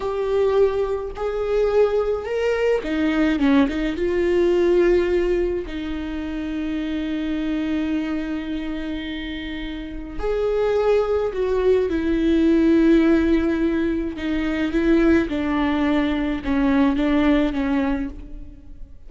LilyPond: \new Staff \with { instrumentName = "viola" } { \time 4/4 \tempo 4 = 106 g'2 gis'2 | ais'4 dis'4 cis'8 dis'8 f'4~ | f'2 dis'2~ | dis'1~ |
dis'2 gis'2 | fis'4 e'2.~ | e'4 dis'4 e'4 d'4~ | d'4 cis'4 d'4 cis'4 | }